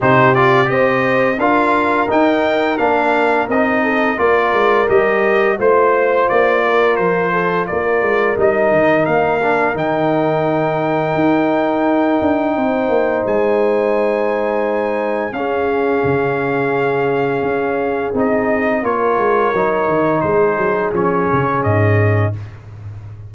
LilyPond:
<<
  \new Staff \with { instrumentName = "trumpet" } { \time 4/4 \tempo 4 = 86 c''8 d''8 dis''4 f''4 g''4 | f''4 dis''4 d''4 dis''4 | c''4 d''4 c''4 d''4 | dis''4 f''4 g''2~ |
g''2. gis''4~ | gis''2 f''2~ | f''2 dis''4 cis''4~ | cis''4 c''4 cis''4 dis''4 | }
  \new Staff \with { instrumentName = "horn" } { \time 4/4 g'4 c''4 ais'2~ | ais'4. a'8 ais'2 | c''4. ais'4 a'8 ais'4~ | ais'1~ |
ais'2 c''2~ | c''2 gis'2~ | gis'2. ais'4~ | ais'4 gis'2. | }
  \new Staff \with { instrumentName = "trombone" } { \time 4/4 dis'8 f'8 g'4 f'4 dis'4 | d'4 dis'4 f'4 g'4 | f'1 | dis'4. d'8 dis'2~ |
dis'1~ | dis'2 cis'2~ | cis'2 dis'4 f'4 | dis'2 cis'2 | }
  \new Staff \with { instrumentName = "tuba" } { \time 4/4 c4 c'4 d'4 dis'4 | ais4 c'4 ais8 gis8 g4 | a4 ais4 f4 ais8 gis8 | g8 dis8 ais4 dis2 |
dis'4. d'8 c'8 ais8 gis4~ | gis2 cis'4 cis4~ | cis4 cis'4 c'4 ais8 gis8 | fis8 dis8 gis8 fis8 f8 cis8 gis,4 | }
>>